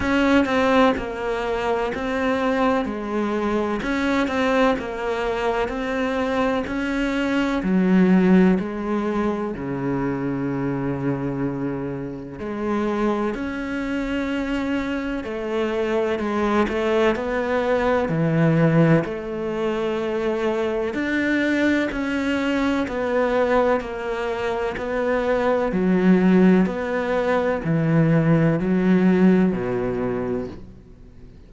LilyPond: \new Staff \with { instrumentName = "cello" } { \time 4/4 \tempo 4 = 63 cis'8 c'8 ais4 c'4 gis4 | cis'8 c'8 ais4 c'4 cis'4 | fis4 gis4 cis2~ | cis4 gis4 cis'2 |
a4 gis8 a8 b4 e4 | a2 d'4 cis'4 | b4 ais4 b4 fis4 | b4 e4 fis4 b,4 | }